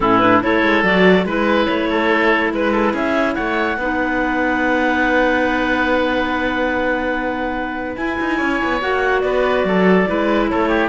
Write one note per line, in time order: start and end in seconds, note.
0.00 0.42 A2
0.00 0.20 C#4
0.00 0.42 E4
0.00 0.19 A4
0.19 0.41 D4
0.19 0.40 B4
0.41 0.63 A3
0.41 0.83 E4
0.41 1.26 A4
0.41 0.84 C#5
0.63 0.83 G#3
0.83 1.25 F#3
0.83 1.26 F#4
0.83 1.26 D5
1.25 1.67 G#3
1.25 3.78 E4
1.25 1.89 B4
1.25 1.66 B4
1.66 2.52 A3
1.66 2.50 C#5
1.89 2.52 A4
2.52 2.93 G#3
2.52 2.95 B4
2.52 2.72 B4
2.72 2.92 A4
2.92 3.35 C#4
2.92 3.34 G#4
2.92 3.34 E5
3.34 3.76 A3
3.34 3.77 C#5
3.34 7.95 F#5
3.76 7.96 B3
3.76 7.97 D#4
3.76 8.37 B4
7.95 8.17 E4
7.95 8.81 E4
7.95 8.79 G#5
8.20 8.40 D#4
8.37 8.61 C#4
8.37 9.20 C#5
8.63 8.82 B3
8.81 9.23 A#3
8.81 10.06 F#4
8.81 9.21 F#5
9.21 9.63 B3
9.21 9.67 B4
9.21 10.46 D5
9.63 10.05 F#3
9.63 10.09 A4
10.06 10.51 G#3
10.06 10.89 E4
10.06 10.50 B4
10.49 10.89 A3
10.49 10.68 A4
10.49 10.89 C#5
10.68 10.89 G4